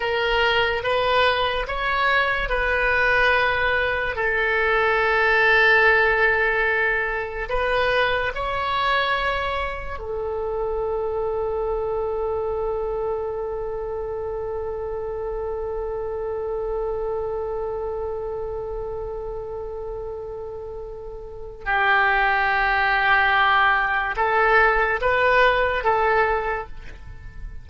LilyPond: \new Staff \with { instrumentName = "oboe" } { \time 4/4 \tempo 4 = 72 ais'4 b'4 cis''4 b'4~ | b'4 a'2.~ | a'4 b'4 cis''2 | a'1~ |
a'1~ | a'1~ | a'2 g'2~ | g'4 a'4 b'4 a'4 | }